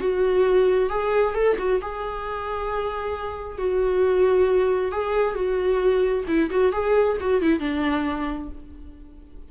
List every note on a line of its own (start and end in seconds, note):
0.00 0.90 F#4
0.90 1.34 G#4
1.34 1.57 A4
1.58 1.81 F#4
1.82 3.58 G#4
3.58 4.91 F#4
4.91 5.35 G#4
5.35 6.24 F#4
6.27 6.50 E4
6.50 6.72 F#4
6.72 7.17 G#4
7.20 7.41 F#4
7.41 7.59 E4
7.59 8.49 D4